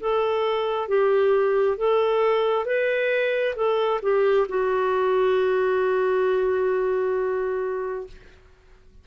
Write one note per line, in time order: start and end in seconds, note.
0.00 0.88 A4
0.88 1.77 G4
1.77 2.65 A4
2.65 3.55 B4
3.55 4.00 A4
4.02 4.47 G4
4.49 8.07 F#4